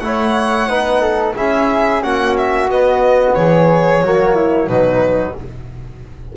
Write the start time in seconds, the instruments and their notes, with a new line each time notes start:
0.00 double bass A3, trombone E4, violin F#5
0.07 flute C#5
0.68 double bass B3, trombone D#4, flute B4
1.01 flute A4
1.36 double bass C#4, trombone E4, flute G#4, violin E5
2.02 double bass A#3, trombone C#4, flute F#4, violin F#5
2.37 violin E5
2.69 double bass B3, trombone B3, violin D#5
3.35 double bass E3, flute G#4, violin C#5
4.02 double bass F#3, trombone A#3, flute F#4
4.35 flute E4
4.68 double bass B2, trombone F#3, flute D#4, violin B4